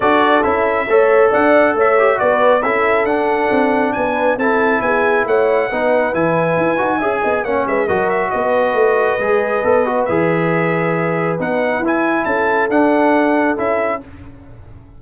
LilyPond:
<<
  \new Staff \with { instrumentName = "trumpet" } { \time 4/4 \tempo 4 = 137 d''4 e''2 fis''4 | e''4 d''4 e''4 fis''4~ | fis''4 gis''4 a''4 gis''4 | fis''2 gis''2~ |
gis''4 fis''8 e''8 dis''8 e''8 dis''4~ | dis''2. e''4~ | e''2 fis''4 gis''4 | a''4 fis''2 e''4 | }
  \new Staff \with { instrumentName = "horn" } { \time 4/4 a'2 cis''4 d''4 | cis''4 b'4 a'2~ | a'4 b'4 a'4 gis'4 | cis''4 b'2. |
e''8 dis''8 cis''8 b'8 ais'4 b'4~ | b'1~ | b'1 | a'1 | }
  \new Staff \with { instrumentName = "trombone" } { \time 4/4 fis'4 e'4 a'2~ | a'8 g'8 fis'4 e'4 d'4~ | d'2 e'2~ | e'4 dis'4 e'4. fis'8 |
gis'4 cis'4 fis'2~ | fis'4 gis'4 a'8 fis'8 gis'4~ | gis'2 dis'4 e'4~ | e'4 d'2 e'4 | }
  \new Staff \with { instrumentName = "tuba" } { \time 4/4 d'4 cis'4 a4 d'4 | a4 b4 cis'4 d'4 | c'4 b4 c'4 b4 | a4 b4 e4 e'8 dis'8 |
cis'8 b8 ais8 gis8 fis4 b4 | a4 gis4 b4 e4~ | e2 b4 e'4 | cis'4 d'2 cis'4 | }
>>